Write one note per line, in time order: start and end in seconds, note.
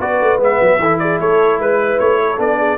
0.00 0.20 B3
0.00 0.39 F#4
0.00 0.80 B4
0.00 0.41 D5
0.21 0.39 A3
0.39 0.59 G#3
0.39 0.79 B3
0.39 0.99 E5
0.61 0.79 F#3
0.79 1.19 E3
0.79 2.38 E4
0.79 1.00 A4
0.99 1.21 G#4
0.99 1.19 D5
1.20 1.59 A3
1.20 1.61 A4
1.20 1.61 C#5
1.59 1.99 G#3
1.59 1.99 B4
1.59 2.21 B4
1.99 2.38 A3
1.99 2.39 C#5
2.21 2.58 A4
2.38 2.77 B3
2.38 2.77 D4
2.38 2.77 D5
2.58 2.77 G#4